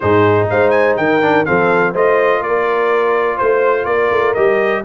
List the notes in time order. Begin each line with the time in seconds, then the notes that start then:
0.00 G#2 D#4 G#4 C5
0.50 G#3 C5 F5
0.70 G#5
0.96 D#3 A#4 G5
1.21 D4
1.45 F3 C4 A4 F5
1.91 A3 F4 C5 D#5
2.40 A#3 A#4 D5
3.37 A3 C5
3.85 A#3 A#4 D5
4.10 A3
4.33 G3 G4 D#5